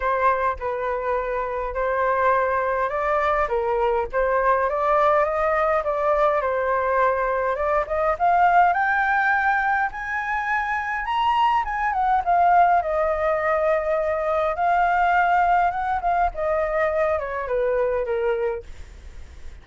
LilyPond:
\new Staff \with { instrumentName = "flute" } { \time 4/4 \tempo 4 = 103 c''4 b'2 c''4~ | c''4 d''4 ais'4 c''4 | d''4 dis''4 d''4 c''4~ | c''4 d''8 dis''8 f''4 g''4~ |
g''4 gis''2 ais''4 | gis''8 fis''8 f''4 dis''2~ | dis''4 f''2 fis''8 f''8 | dis''4. cis''8 b'4 ais'4 | }